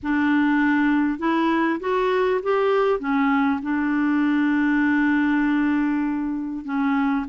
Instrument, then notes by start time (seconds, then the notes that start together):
clarinet
0.02 D4
1.18 E4
1.80 F#4
2.42 G4
2.99 C#4
3.62 D4
6.64 C#4